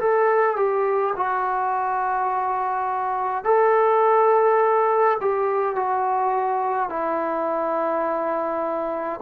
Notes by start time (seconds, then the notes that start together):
0.00 A4
0.57 G4
1.16 F#4
3.45 A4
5.21 G4
5.76 F#4
6.90 E4